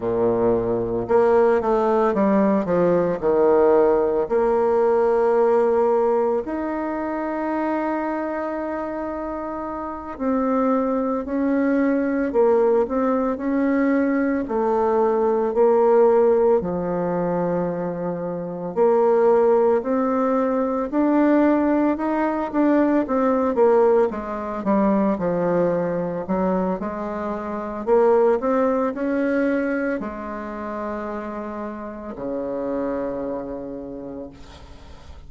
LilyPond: \new Staff \with { instrumentName = "bassoon" } { \time 4/4 \tempo 4 = 56 ais,4 ais8 a8 g8 f8 dis4 | ais2 dis'2~ | dis'4. c'4 cis'4 ais8 | c'8 cis'4 a4 ais4 f8~ |
f4. ais4 c'4 d'8~ | d'8 dis'8 d'8 c'8 ais8 gis8 g8 f8~ | f8 fis8 gis4 ais8 c'8 cis'4 | gis2 cis2 | }